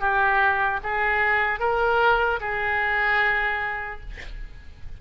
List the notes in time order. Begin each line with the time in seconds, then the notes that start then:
0.00 G4
0.83 G#4
1.59 A#4
2.40 G#4